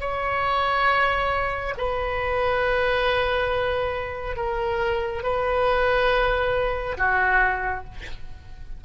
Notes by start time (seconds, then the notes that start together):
0.00 C#5
1.77 B4
4.36 A#4
5.23 B4
6.97 F#4